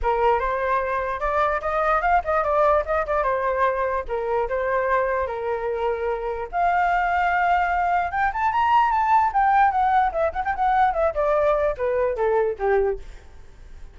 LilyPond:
\new Staff \with { instrumentName = "flute" } { \time 4/4 \tempo 4 = 148 ais'4 c''2 d''4 | dis''4 f''8 dis''8 d''4 dis''8 d''8 | c''2 ais'4 c''4~ | c''4 ais'2. |
f''1 | g''8 a''8 ais''4 a''4 g''4 | fis''4 e''8 fis''16 g''16 fis''4 e''8 d''8~ | d''4 b'4 a'4 g'4 | }